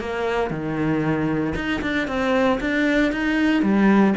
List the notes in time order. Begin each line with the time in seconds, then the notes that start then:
0.00 A#3
0.51 D#3
1.55 D#4
1.82 D4
2.08 C4
2.60 D4
3.12 D#4
3.62 G3